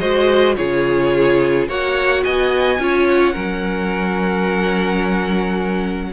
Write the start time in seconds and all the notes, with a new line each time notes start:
0.00 G#3 F#4 C5 D#5
0.56 C#3 F4 G#4 C#5
1.68 A#3 F#4 C#5 F#5
2.24 B3 D#5 G#5
2.79 C#4 F4 C#5
3.08 F#5
3.33 F#3 C#4 A#4